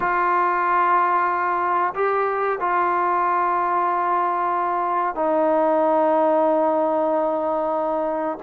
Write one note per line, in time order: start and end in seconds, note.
0.00 1.94 F4
1.94 2.58 G4
2.60 5.15 F4
5.15 8.38 D#4